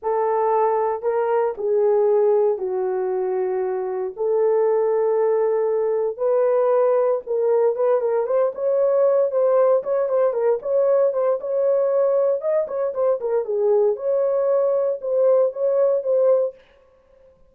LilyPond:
\new Staff \with { instrumentName = "horn" } { \time 4/4 \tempo 4 = 116 a'2 ais'4 gis'4~ | gis'4 fis'2. | a'1 | b'2 ais'4 b'8 ais'8 |
c''8 cis''4. c''4 cis''8 c''8 | ais'8 cis''4 c''8 cis''2 | dis''8 cis''8 c''8 ais'8 gis'4 cis''4~ | cis''4 c''4 cis''4 c''4 | }